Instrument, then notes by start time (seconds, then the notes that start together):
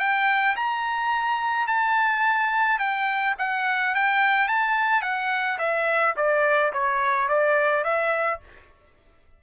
trumpet
0.00 G5
0.56 A#5
1.67 A5
2.79 G5
3.39 F#5
3.95 G5
4.48 A5
5.02 F#5
5.59 E5
6.17 D5
6.73 C#5
7.29 D5
7.84 E5